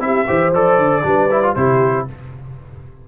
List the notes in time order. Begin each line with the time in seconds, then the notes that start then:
0.00 C4 E4 G4 E5
0.27 E3 G4 C5
0.53 F3 A4 D5
0.78 D3
1.03 G3 D4 B4
1.31 E4
1.43 F4
1.55 C3 E4 G4 C5